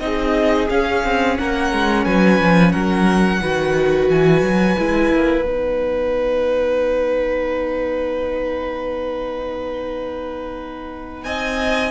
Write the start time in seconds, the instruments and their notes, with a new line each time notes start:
0.00 cello C4, viola D#4, violin G#4 D#5
0.69 viola C#4, cello C#4, violin F5
1.04 cello C4
1.38 cello A#3, violin A#4 F#5
1.73 cello G#3
2.05 cello F#3, violin B4 G#5
2.40 cello F3
2.72 cello F#3, violin A#4 F#5
3.41 cello D#3, viola F#4, violin B4
4.09 cello E3, violin G#5
4.42 cello F#3
4.79 cello G#3, viola E4
5.13 cello A#3
5.44 cello B3, viola D#4, violin F#5
11.24 cello C4, violin D#5 G#5